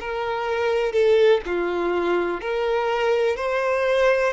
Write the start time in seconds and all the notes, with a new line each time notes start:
0.00 A#4
0.92 A4
1.46 F4
2.41 A#4
3.37 C5